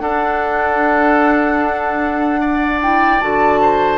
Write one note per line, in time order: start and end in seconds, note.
0.00 3.20 D4
0.00 2.83 D4
0.00 2.41 A4
0.00 2.81 F#5
2.41 3.61 D5
2.81 3.22 E4
2.81 3.21 G5
3.21 3.98 D3
3.21 3.98 F#4
3.21 3.98 A5
3.62 3.98 C5